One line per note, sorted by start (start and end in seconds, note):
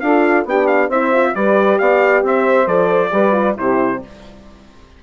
0.00 0.45 D4
0.00 0.47 F4
0.00 0.46 A4
0.00 0.44 F5
0.45 0.89 B3
0.45 0.91 D4
0.45 0.89 G4
0.45 0.67 G5
0.67 0.89 F5
0.89 1.33 C4
0.89 1.13 E4
0.89 1.33 C5
0.89 1.35 E5
1.13 1.35 F4
1.35 1.79 G3
1.35 2.67 G4
1.35 1.79 B4
1.35 1.79 D5
1.79 2.23 B3
1.79 2.22 D5
1.79 2.23 F5
2.22 2.67 C4
2.22 3.11 C5
2.22 2.68 E5
2.67 3.11 F3
2.67 3.11 A4
2.67 3.56 D5
3.11 3.56 G3
3.11 3.32 G4
3.11 3.57 B4
3.32 3.54 F4
3.56 4.03 C3
3.56 4.00 E4
3.56 4.02 G4
3.56 4.03 C5